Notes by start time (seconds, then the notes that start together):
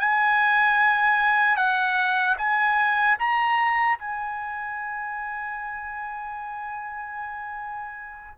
0.00 G#5
1.57 F#5
2.38 G#5
3.19 A#5
3.99 G#5